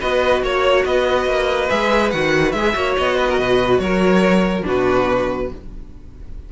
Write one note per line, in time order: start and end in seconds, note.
0.00 0.42 B3
0.00 1.69 F#4
0.00 0.42 B4
0.00 0.43 D#5
0.42 0.84 A#3
0.42 0.85 C#5
0.85 1.26 B3
0.85 2.75 B4
0.85 1.69 D#5
1.26 1.68 A#3
1.69 2.13 G#3
1.69 2.11 G#4
1.69 2.10 E5
2.10 2.53 D#3
2.10 2.55 F#4
2.10 2.51 F#5
2.51 2.74 G#3
2.51 2.73 G#4
2.51 2.94 E5
2.73 2.96 A#3
2.73 4.62 F#4
2.73 3.17 C#5
2.97 3.38 B3
2.97 3.79 D#5
3.17 3.27 B4
3.29 3.39 A#4
3.38 3.78 B2
3.38 3.81 B4
3.78 4.63 F#3
3.78 4.65 A#4
3.78 4.63 C#5
4.62 5.52 B2
4.62 5.46 D4
4.62 5.50 F#4
4.62 5.52 B4